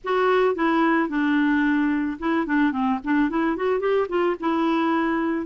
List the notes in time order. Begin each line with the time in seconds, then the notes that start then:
0.04 F#4
0.55 E4
1.08 D4
2.19 E4
2.46 D4
2.71 C4
3.04 D4
3.29 E4
3.56 F#4
3.80 G4
4.08 F4
4.40 E4